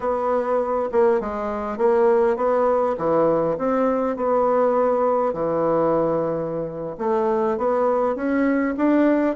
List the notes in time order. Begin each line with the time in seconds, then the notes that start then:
0.00 B3
0.92 A#3
1.20 G#3
1.77 A#3
2.36 B3
2.97 E3
3.58 C4
4.16 B3
5.33 E3
6.98 A3
7.57 B3
8.15 C#4
8.77 D4